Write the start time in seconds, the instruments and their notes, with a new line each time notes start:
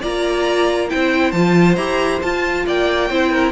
0.00 cello A#3, viola F4, violin D5 A#5
0.89 cello C4, viola E4, violin C5 G5
1.32 cello F3, viola F4, violin A5
1.76 cello E4, viola G4, violin A#5
2.22 cello F4, viola F4, violin A5
2.67 cello A#3, violin D5 G5
3.10 cello C4, viola E4, violin C5
3.31 violin A#4